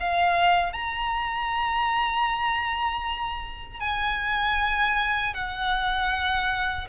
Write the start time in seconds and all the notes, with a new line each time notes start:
0.00 F5
0.73 A#5
3.80 G#5
5.34 F#5